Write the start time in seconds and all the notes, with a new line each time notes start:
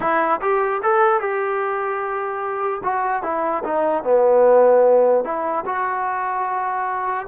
0.00 E4
0.41 G4
0.82 A4
1.20 G4
2.83 F#4
3.23 E4
3.64 D#4
4.03 B3
5.24 E4
5.65 F#4